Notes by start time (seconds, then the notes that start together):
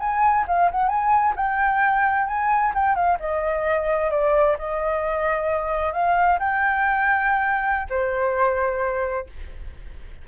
0.00 G#5
0.48 F5
0.71 F#5
0.89 G#5
1.36 G5
2.27 G#5
2.75 G5
2.95 F5
3.20 D#5
4.11 D5
4.59 D#5
5.93 F5
6.40 G5
7.90 C5